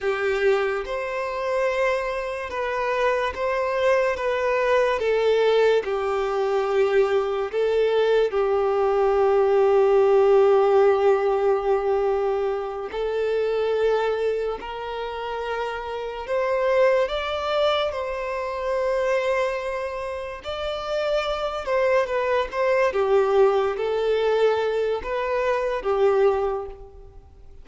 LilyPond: \new Staff \with { instrumentName = "violin" } { \time 4/4 \tempo 4 = 72 g'4 c''2 b'4 | c''4 b'4 a'4 g'4~ | g'4 a'4 g'2~ | g'2.~ g'8 a'8~ |
a'4. ais'2 c''8~ | c''8 d''4 c''2~ c''8~ | c''8 d''4. c''8 b'8 c''8 g'8~ | g'8 a'4. b'4 g'4 | }